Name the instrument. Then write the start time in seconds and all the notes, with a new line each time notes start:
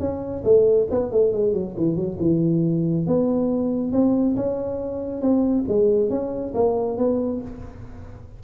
tuba
0.00 C#4
0.44 A3
0.91 B3
1.12 A3
1.33 G#3
1.54 F#3
1.77 E3
1.96 F#3
2.20 E3
3.07 B3
3.93 C4
4.37 C#4
5.22 C4
5.69 G#3
6.10 C#4
6.55 A#3
6.98 B3